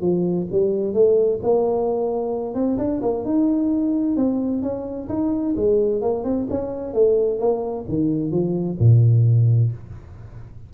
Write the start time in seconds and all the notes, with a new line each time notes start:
0.00 F3
0.51 G3
0.93 A3
1.42 A#3
2.54 C4
2.78 D4
3.02 A#3
3.24 D#4
4.16 C4
4.62 C#4
5.08 D#4
5.56 G#3
6.01 A#3
6.23 C4
6.50 C#4
6.93 A3
7.39 A#3
7.88 D#3
8.31 F3
8.79 A#2